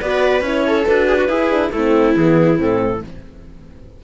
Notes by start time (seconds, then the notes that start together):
0.00 B3 F#4 B4 D5
0.41 C#4 E4 C#5
0.66 A4
0.86 D4 F#4 B4
1.08 G#4
1.16 F#4
1.28 E4 G#4
1.49 D4
1.70 A3 E4 A4
1.76 C4
2.15 E3 B3 G#4
2.56 A2 C4 A4